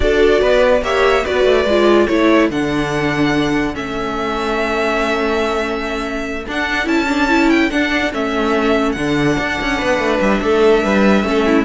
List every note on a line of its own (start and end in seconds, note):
0.00 0.40 D4
0.00 0.79 F#4
0.00 0.41 A4
0.00 0.83 D5
0.41 0.82 B3
0.41 0.82 B4
0.82 1.23 A#3
0.82 1.24 G4
0.82 1.24 C#5
0.82 1.25 E5
1.24 1.44 B3
1.24 1.66 F#4
1.24 2.07 B4
1.24 2.06 D5
1.44 1.65 A3
1.65 2.06 G#3
1.65 2.09 F4
2.06 2.50 A3
2.06 2.51 E4
2.06 9.78 A4
2.06 2.48 C#5
2.50 3.75 D3
2.50 3.74 D4
2.50 3.75 F#5
3.74 6.46 A3
3.74 6.45 C#4
3.74 6.46 E5
6.47 6.84 D4
6.47 6.86 D4
6.47 6.87 F#5
6.84 7.69 C#4
6.84 7.05 E4
6.84 7.49 A5
7.08 7.28 D4
7.28 7.70 E4
7.49 7.70 G5
7.70 8.12 D4
7.70 8.13 D4
7.70 8.12 F#5
8.12 8.95 A3
8.12 8.96 C#4
8.12 8.92 E5
8.92 9.37 D3
8.92 11.24 D4
8.92 10.17 F#5
9.39 9.59 D4
9.61 9.81 C#4
9.78 9.98 B3
9.78 10.40 B4
9.98 10.19 A3
10.20 10.41 G3
10.20 11.65 E5
10.42 10.83 A3
10.42 10.83 A4
10.83 11.23 G3
10.83 11.25 B4
11.23 11.65 A3
11.23 11.65 C#4
11.23 11.46 A4
11.46 11.65 E4